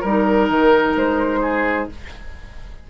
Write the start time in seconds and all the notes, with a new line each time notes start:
0.00 G3 D#4 A#4
0.49 D#3
0.95 G#3 C5
1.42 G#4